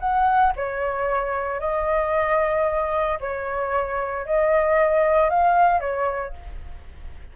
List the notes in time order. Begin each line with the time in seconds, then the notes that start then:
0.00 F#5
0.56 C#5
1.60 D#5
3.21 C#5
4.26 D#5
5.30 F5
5.80 C#5